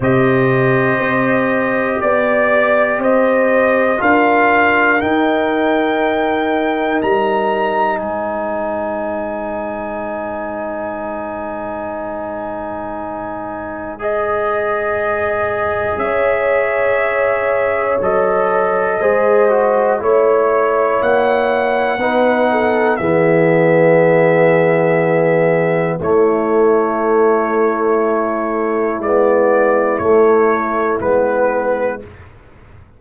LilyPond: <<
  \new Staff \with { instrumentName = "trumpet" } { \time 4/4 \tempo 4 = 60 dis''2 d''4 dis''4 | f''4 g''2 ais''4 | gis''1~ | gis''2 dis''2 |
e''2 dis''2 | cis''4 fis''2 e''4~ | e''2 cis''2~ | cis''4 d''4 cis''4 b'4 | }
  \new Staff \with { instrumentName = "horn" } { \time 4/4 c''2 d''4 c''4 | ais'1 | c''1~ | c''1 |
cis''2. c''4 | cis''2 b'8 a'8 gis'4~ | gis'2 e'2~ | e'1 | }
  \new Staff \with { instrumentName = "trombone" } { \time 4/4 g'1 | f'4 dis'2.~ | dis'1~ | dis'2 gis'2~ |
gis'2 a'4 gis'8 fis'8 | e'2 dis'4 b4~ | b2 a2~ | a4 b4 a4 b4 | }
  \new Staff \with { instrumentName = "tuba" } { \time 4/4 c4 c'4 b4 c'4 | d'4 dis'2 g4 | gis1~ | gis1 |
cis'2 fis4 gis4 | a4 ais4 b4 e4~ | e2 a2~ | a4 gis4 a4 gis4 | }
>>